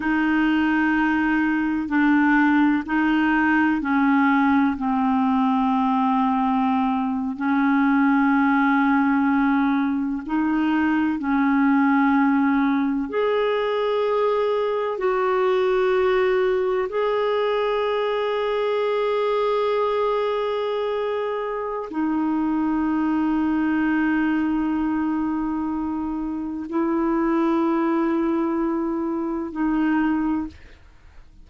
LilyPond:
\new Staff \with { instrumentName = "clarinet" } { \time 4/4 \tempo 4 = 63 dis'2 d'4 dis'4 | cis'4 c'2~ c'8. cis'16~ | cis'2~ cis'8. dis'4 cis'16~ | cis'4.~ cis'16 gis'2 fis'16~ |
fis'4.~ fis'16 gis'2~ gis'16~ | gis'2. dis'4~ | dis'1 | e'2. dis'4 | }